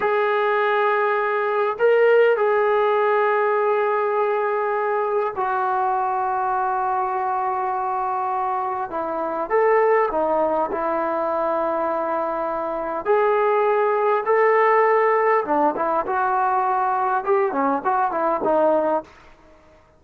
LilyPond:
\new Staff \with { instrumentName = "trombone" } { \time 4/4 \tempo 4 = 101 gis'2. ais'4 | gis'1~ | gis'4 fis'2.~ | fis'2. e'4 |
a'4 dis'4 e'2~ | e'2 gis'2 | a'2 d'8 e'8 fis'4~ | fis'4 g'8 cis'8 fis'8 e'8 dis'4 | }